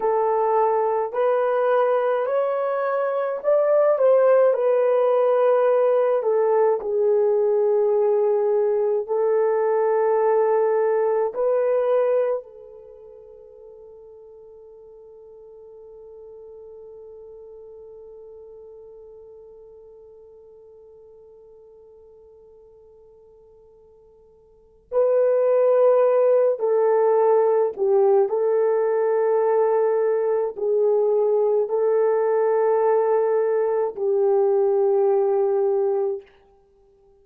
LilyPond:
\new Staff \with { instrumentName = "horn" } { \time 4/4 \tempo 4 = 53 a'4 b'4 cis''4 d''8 c''8 | b'4. a'8 gis'2 | a'2 b'4 a'4~ | a'1~ |
a'1~ | a'2 b'4. a'8~ | a'8 g'8 a'2 gis'4 | a'2 g'2 | }